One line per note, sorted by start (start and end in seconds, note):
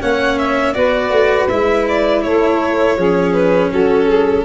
0.00 0.77 A#3
0.00 0.74 C#4
0.00 0.74 C#5
0.00 0.38 F#5
0.38 0.73 E5
0.73 1.10 B3
0.73 1.48 F#4
0.73 2.24 B4
0.73 1.48 D5
1.10 1.47 A3
1.49 2.24 G#3
1.49 2.99 E4
1.49 1.86 E5
1.89 2.23 D5
2.23 2.97 A3
2.23 2.97 A4
2.23 3.33 C#5
2.97 3.71 F3
2.97 4.45 C#4
2.97 3.71 G#4
3.33 3.70 B4
3.71 4.45 F#3
3.71 4.07 F#4
3.71 4.45 A4
4.07 4.44 G#4